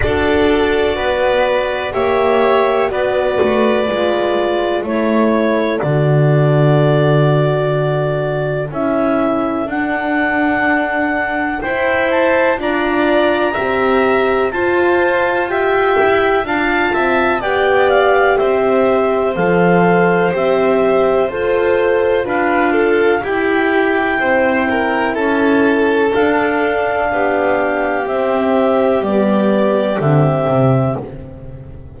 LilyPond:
<<
  \new Staff \with { instrumentName = "clarinet" } { \time 4/4 \tempo 4 = 62 d''2 e''4 d''4~ | d''4 cis''4 d''2~ | d''4 e''4 fis''2 | g''8 a''8 ais''2 a''4 |
g''4 a''4 g''8 f''8 e''4 | f''4 e''4 c''4 f''4 | g''2 a''4 f''4~ | f''4 e''4 d''4 e''4 | }
  \new Staff \with { instrumentName = "violin" } { \time 4/4 a'4 b'4 cis''4 b'4~ | b'4 a'2.~ | a'1 | c''4 d''4 e''4 c''4 |
e''4 f''8 e''8 d''4 c''4~ | c''2. b'8 a'8 | g'4 c''8 ais'8 a'2 | g'1 | }
  \new Staff \with { instrumentName = "horn" } { \time 4/4 fis'2 g'4 fis'4 | f'4 e'4 fis'2~ | fis'4 e'4 d'2 | e'4 f'4 g'4 f'4 |
g'4 f'4 g'2 | a'4 g'4 a'4 f'4 | e'2. d'4~ | d'4 c'4 b4 c'4 | }
  \new Staff \with { instrumentName = "double bass" } { \time 4/4 d'4 b4 ais4 b8 a8 | gis4 a4 d2~ | d4 cis'4 d'2 | e'4 d'4 c'4 f'4~ |
f'8 e'8 d'8 c'8 b4 c'4 | f4 c'4 f'4 d'4 | e'4 c'4 cis'4 d'4 | b4 c'4 g4 d8 c8 | }
>>